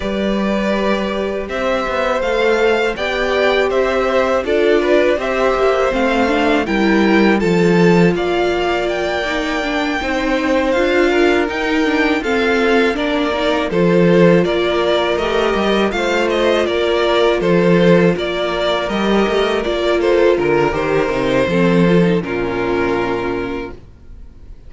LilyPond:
<<
  \new Staff \with { instrumentName = "violin" } { \time 4/4 \tempo 4 = 81 d''2 e''4 f''4 | g''4 e''4 d''4 e''4 | f''4 g''4 a''4 f''4 | g''2~ g''8 f''4 g''8~ |
g''8 f''4 d''4 c''4 d''8~ | d''8 dis''4 f''8 dis''8 d''4 c''8~ | c''8 d''4 dis''4 d''8 c''8 ais'8 | c''2 ais'2 | }
  \new Staff \with { instrumentName = "violin" } { \time 4/4 b'2 c''2 | d''4 c''4 a'8 b'8 c''4~ | c''4 ais'4 a'4 d''4~ | d''4. c''4. ais'4~ |
ais'8 a'4 ais'4 a'4 ais'8~ | ais'4. c''4 ais'4 a'8~ | a'8 ais'2~ ais'8 a'8 ais'8~ | ais'4 a'4 f'2 | }
  \new Staff \with { instrumentName = "viola" } { \time 4/4 g'2. a'4 | g'2 f'4 g'4 | c'8 d'8 e'4 f'2~ | f'8 dis'8 d'8 dis'4 f'4 dis'8 |
d'8 c'4 d'8 dis'8 f'4.~ | f'8 g'4 f'2~ f'8~ | f'4. g'4 f'4. | g'8 dis'8 c'8 f'16 dis'16 cis'2 | }
  \new Staff \with { instrumentName = "cello" } { \time 4/4 g2 c'8 b8 a4 | b4 c'4 d'4 c'8 ais8 | a4 g4 f4 ais4~ | ais4. c'4 d'4 dis'8~ |
dis'8 f'4 ais4 f4 ais8~ | ais8 a8 g8 a4 ais4 f8~ | f8 ais4 g8 a8 ais4 d8 | dis8 c8 f4 ais,2 | }
>>